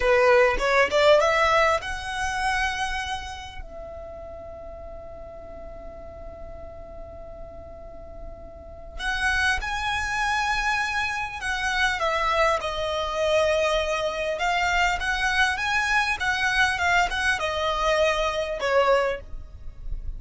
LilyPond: \new Staff \with { instrumentName = "violin" } { \time 4/4 \tempo 4 = 100 b'4 cis''8 d''8 e''4 fis''4~ | fis''2 e''2~ | e''1~ | e''2. fis''4 |
gis''2. fis''4 | e''4 dis''2. | f''4 fis''4 gis''4 fis''4 | f''8 fis''8 dis''2 cis''4 | }